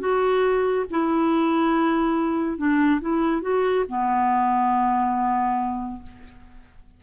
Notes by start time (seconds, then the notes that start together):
0.00 F#4
0.91 E4
2.58 D4
3.01 E4
3.42 F#4
3.88 B3